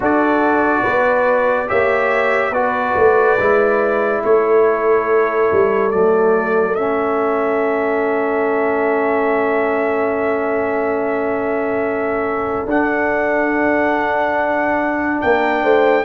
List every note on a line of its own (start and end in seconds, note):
0.00 0.82 D4
0.00 1.67 F#4
0.00 0.82 A4
0.00 1.69 D5
0.82 1.70 B3
0.82 1.67 B4
1.67 2.51 A#3
1.67 2.51 G4
1.67 2.52 C#5
1.67 2.53 E5
2.51 2.93 B3
2.51 3.38 F#4
2.51 4.22 B4
2.51 4.22 D5
2.96 3.38 A3
3.38 4.23 G#3
3.38 5.91 E4
4.23 5.51 A3
4.23 15.21 A4
4.23 5.90 C#5
5.52 5.92 G3
5.90 6.76 F#3
5.90 6.76 A3
5.90 6.75 D5
6.75 12.65 A3
6.75 12.67 C#4
6.75 12.66 E5
12.65 15.19 D4
12.65 16.04 D4
12.65 15.21 F#5
15.21 15.63 A#3
15.21 15.62 A#4
15.21 16.04 G5
15.62 16.04 A3
15.62 16.04 C5